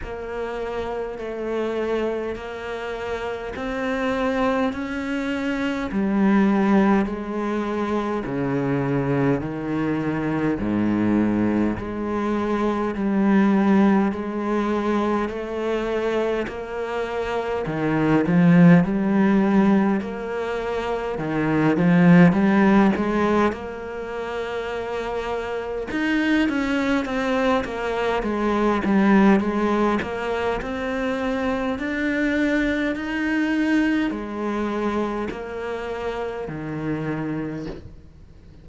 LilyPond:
\new Staff \with { instrumentName = "cello" } { \time 4/4 \tempo 4 = 51 ais4 a4 ais4 c'4 | cis'4 g4 gis4 cis4 | dis4 gis,4 gis4 g4 | gis4 a4 ais4 dis8 f8 |
g4 ais4 dis8 f8 g8 gis8 | ais2 dis'8 cis'8 c'8 ais8 | gis8 g8 gis8 ais8 c'4 d'4 | dis'4 gis4 ais4 dis4 | }